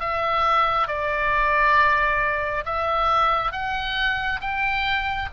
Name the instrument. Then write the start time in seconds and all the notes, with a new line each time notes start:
oboe
0.00 E5
0.87 D5
2.65 E5
3.52 F#5
4.41 G5